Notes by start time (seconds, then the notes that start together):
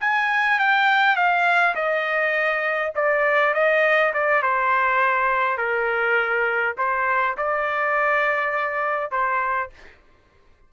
0.00 G#5
0.59 G5
1.16 F5
1.75 D#5
2.95 D5
3.54 D#5
4.13 D5
4.42 C5
5.57 A#4
6.77 C5
7.37 D5
9.11 C5